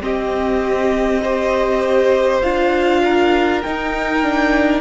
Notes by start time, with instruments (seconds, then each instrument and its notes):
0.00 viola C4, cello C4, violin G4 D#5
1.21 viola G4, violin C5
2.41 cello D4, viola F4, violin F5
3.04 violin A#4
3.62 viola D#4, cello D#4, violin G5
4.23 viola D4